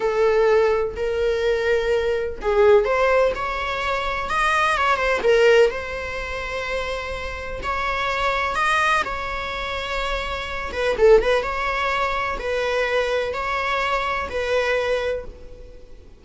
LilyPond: \new Staff \with { instrumentName = "viola" } { \time 4/4 \tempo 4 = 126 a'2 ais'2~ | ais'4 gis'4 c''4 cis''4~ | cis''4 dis''4 cis''8 c''8 ais'4 | c''1 |
cis''2 dis''4 cis''4~ | cis''2~ cis''8 b'8 a'8 b'8 | cis''2 b'2 | cis''2 b'2 | }